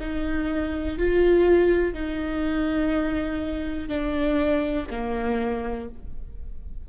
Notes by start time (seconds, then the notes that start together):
0.00 D#4
0.98 F4
1.94 D#4
3.89 D4
4.90 A#3